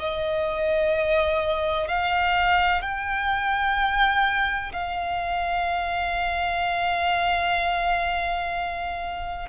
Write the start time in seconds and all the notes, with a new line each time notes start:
0.00 D#5
1.88 F5
2.82 G5
4.73 F5